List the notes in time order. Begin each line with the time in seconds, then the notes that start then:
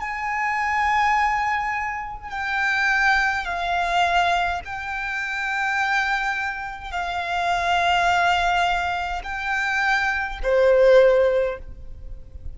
0.00 G#5
2.31 G5
3.45 F5
4.65 G5
6.91 F5
9.24 G5
10.43 C5